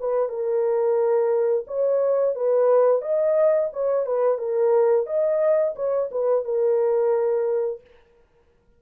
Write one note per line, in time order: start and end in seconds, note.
0.00 0.29 B4
0.29 1.65 A#4
1.67 2.35 C#5
2.35 3.02 B4
3.02 3.70 D#5
3.73 4.06 C#5
4.06 4.38 B4
4.38 5.06 A#4
5.06 5.75 D#5
5.76 6.10 C#5
6.11 6.45 B4
6.45 7.81 A#4